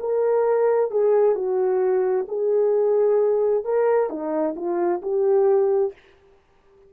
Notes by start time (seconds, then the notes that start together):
0.00 A#4
0.91 G#4
1.35 F#4
2.28 G#4
3.64 A#4
4.10 D#4
4.56 F4
5.02 G4